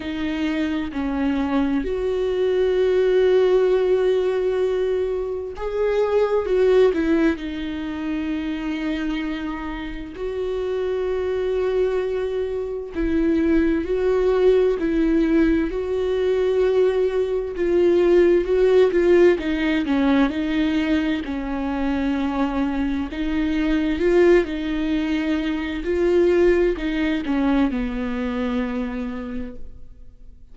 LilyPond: \new Staff \with { instrumentName = "viola" } { \time 4/4 \tempo 4 = 65 dis'4 cis'4 fis'2~ | fis'2 gis'4 fis'8 e'8 | dis'2. fis'4~ | fis'2 e'4 fis'4 |
e'4 fis'2 f'4 | fis'8 f'8 dis'8 cis'8 dis'4 cis'4~ | cis'4 dis'4 f'8 dis'4. | f'4 dis'8 cis'8 b2 | }